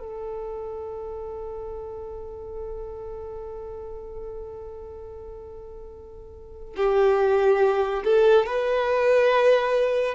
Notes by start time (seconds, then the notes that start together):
0.00 A4
6.77 G4
8.04 A4
8.46 B4